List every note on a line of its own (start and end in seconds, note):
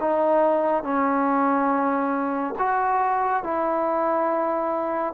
0.00 0.83 D#4
0.83 2.54 C#4
2.58 3.43 F#4
3.43 5.14 E4